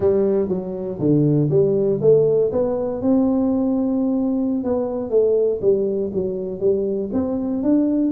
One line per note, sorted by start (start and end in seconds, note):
0.00 0.48 G3
0.48 0.98 F#3
0.99 1.49 D3
1.50 2.00 G3
2.01 2.51 A3
2.51 3.01 B3
3.01 4.64 C4
4.64 5.10 B3
5.10 5.60 A3
5.61 6.11 G3
6.13 6.60 F#3
6.60 7.10 G3
7.12 7.62 C4
7.62 8.12 D4